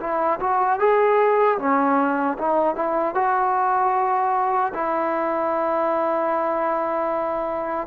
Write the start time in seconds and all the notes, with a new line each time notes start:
0.00 E4
0.40 F#4
0.79 G#4
1.59 C#4
2.38 D#4
2.76 E4
3.15 F#4
4.74 E4